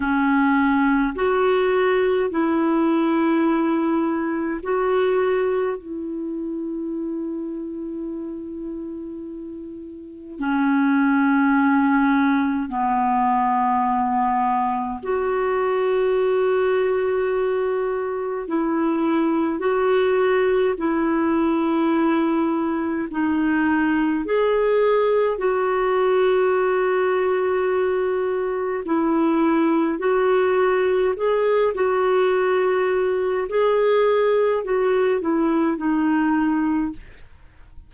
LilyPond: \new Staff \with { instrumentName = "clarinet" } { \time 4/4 \tempo 4 = 52 cis'4 fis'4 e'2 | fis'4 e'2.~ | e'4 cis'2 b4~ | b4 fis'2. |
e'4 fis'4 e'2 | dis'4 gis'4 fis'2~ | fis'4 e'4 fis'4 gis'8 fis'8~ | fis'4 gis'4 fis'8 e'8 dis'4 | }